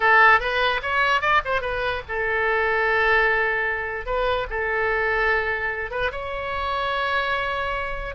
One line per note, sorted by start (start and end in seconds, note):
0.00 0.40 A4
0.40 0.81 B4
0.82 1.21 C#5
1.21 1.41 D5
1.44 1.61 C5
1.61 2.01 B4
2.08 4.05 A4
4.05 4.46 B4
4.50 5.90 A4
5.90 6.11 B4
6.11 8.15 C#5